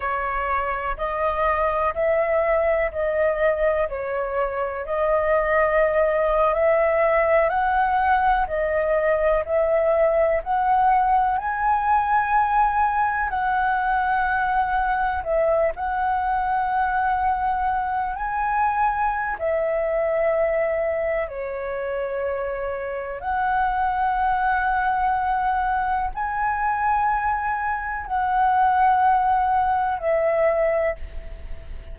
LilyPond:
\new Staff \with { instrumentName = "flute" } { \time 4/4 \tempo 4 = 62 cis''4 dis''4 e''4 dis''4 | cis''4 dis''4.~ dis''16 e''4 fis''16~ | fis''8. dis''4 e''4 fis''4 gis''16~ | gis''4.~ gis''16 fis''2 e''16~ |
e''16 fis''2~ fis''8 gis''4~ gis''16 | e''2 cis''2 | fis''2. gis''4~ | gis''4 fis''2 e''4 | }